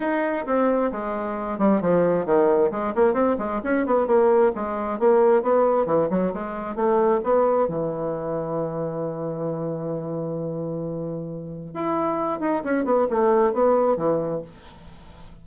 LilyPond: \new Staff \with { instrumentName = "bassoon" } { \time 4/4 \tempo 4 = 133 dis'4 c'4 gis4. g8 | f4 dis4 gis8 ais8 c'8 gis8 | cis'8 b8 ais4 gis4 ais4 | b4 e8 fis8 gis4 a4 |
b4 e2.~ | e1~ | e2 e'4. dis'8 | cis'8 b8 a4 b4 e4 | }